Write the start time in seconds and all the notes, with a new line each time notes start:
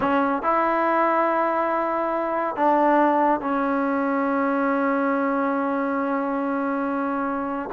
0.00 C#4
0.42 E4
2.56 D4
3.41 C#4